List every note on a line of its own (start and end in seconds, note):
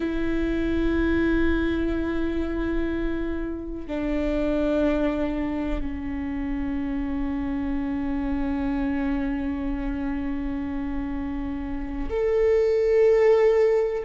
0.00 3.87 E4
3.87 5.80 D4
5.80 12.09 C#4
12.10 14.03 A4